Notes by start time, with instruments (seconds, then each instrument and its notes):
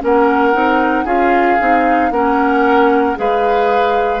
0.00 bassoon A#3, clarinet C#4, oboe A#4, flute F#5
0.53 bassoon C4, clarinet D#4
1.04 bassoon C#4, clarinet F4, oboe G#4, flute F5
1.59 bassoon C4, clarinet D#4
2.10 bassoon A#3, clarinet C#4, oboe A#4, flute F#5
3.16 bassoon G#3, clarinet G#4, oboe B4, flute F5